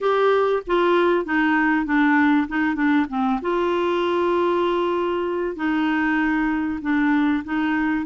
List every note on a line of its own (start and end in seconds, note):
0.00 0.62 G4
0.67 1.25 F4
1.25 1.85 D#4
1.85 2.47 D4
2.47 2.75 D#4
2.75 3.06 D4
3.09 3.40 C4
3.41 5.55 F4
5.55 6.79 D#4
6.81 7.43 D4
7.44 8.05 D#4